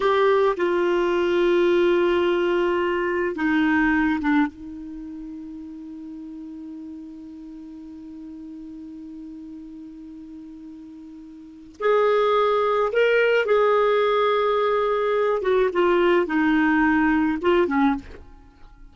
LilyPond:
\new Staff \with { instrumentName = "clarinet" } { \time 4/4 \tempo 4 = 107 g'4 f'2.~ | f'2 dis'4. d'8 | dis'1~ | dis'1~ |
dis'1~ | dis'4 gis'2 ais'4 | gis'2.~ gis'8 fis'8 | f'4 dis'2 f'8 cis'8 | }